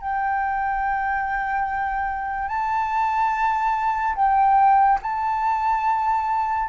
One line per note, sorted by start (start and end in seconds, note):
0.00 2.48 G5
2.48 4.14 A5
4.15 4.98 G5
5.02 6.69 A5